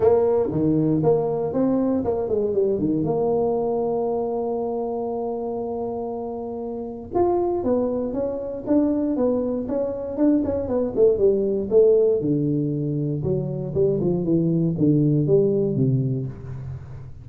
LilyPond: \new Staff \with { instrumentName = "tuba" } { \time 4/4 \tempo 4 = 118 ais4 dis4 ais4 c'4 | ais8 gis8 g8 dis8 ais2~ | ais1~ | ais2 f'4 b4 |
cis'4 d'4 b4 cis'4 | d'8 cis'8 b8 a8 g4 a4 | d2 fis4 g8 f8 | e4 d4 g4 c4 | }